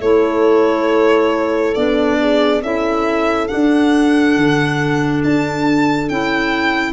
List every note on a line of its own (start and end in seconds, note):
0.00 1.74 A3
0.00 1.75 E4
0.00 2.19 A4
0.00 1.75 C#5
1.75 2.62 B3
1.75 2.62 D4
1.75 2.62 D5
2.20 2.63 G#4
2.62 3.49 C#4
2.62 3.48 E4
2.62 6.93 A4
2.62 3.48 E5
3.48 6.09 D4
3.48 4.36 D4
3.48 5.22 F#5
4.36 5.23 D3
5.24 6.10 D4
5.24 6.09 A5
6.09 6.93 C#4
6.09 6.93 E4
6.09 6.93 G5